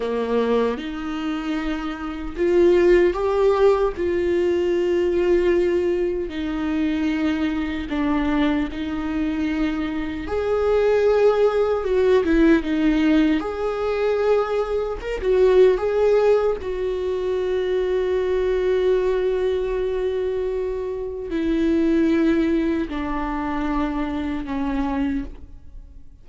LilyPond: \new Staff \with { instrumentName = "viola" } { \time 4/4 \tempo 4 = 76 ais4 dis'2 f'4 | g'4 f'2. | dis'2 d'4 dis'4~ | dis'4 gis'2 fis'8 e'8 |
dis'4 gis'2 ais'16 fis'8. | gis'4 fis'2.~ | fis'2. e'4~ | e'4 d'2 cis'4 | }